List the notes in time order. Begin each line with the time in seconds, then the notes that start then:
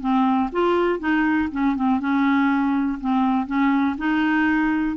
0.00 C4
0.52 F4
0.99 D#4
1.51 C#4
1.76 C4
2.00 C#4
3.00 C4
3.46 C#4
3.98 D#4